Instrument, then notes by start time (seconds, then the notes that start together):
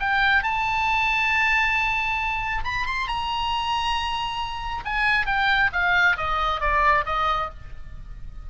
oboe
0.00 G5
0.44 A5
2.65 B5
2.86 C6
3.08 A#5
4.85 G#5
5.27 G5
5.73 F5
6.18 D#5
6.61 D5
7.06 D#5